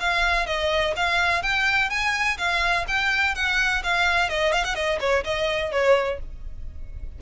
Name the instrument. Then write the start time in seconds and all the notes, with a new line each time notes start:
violin
0.00 F5
0.47 D#5
0.97 F5
1.43 G5
1.90 G#5
2.38 F5
2.88 G5
3.35 F#5
3.84 F5
4.30 D#5
4.53 F5
4.64 F#5
4.75 D#5
5.00 C#5
5.25 D#5
5.72 C#5